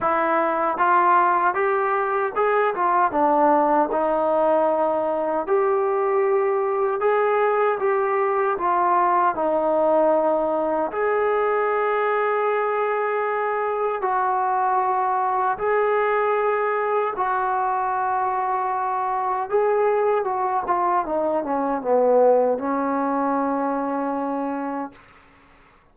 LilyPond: \new Staff \with { instrumentName = "trombone" } { \time 4/4 \tempo 4 = 77 e'4 f'4 g'4 gis'8 f'8 | d'4 dis'2 g'4~ | g'4 gis'4 g'4 f'4 | dis'2 gis'2~ |
gis'2 fis'2 | gis'2 fis'2~ | fis'4 gis'4 fis'8 f'8 dis'8 cis'8 | b4 cis'2. | }